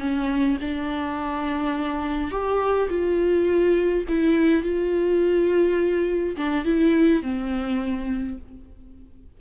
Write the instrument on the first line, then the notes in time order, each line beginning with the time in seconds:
viola
0.00 C#4
0.61 D4
2.32 G4
2.90 F4
4.09 E4
4.63 F4
6.37 D4
6.65 E4
7.23 C4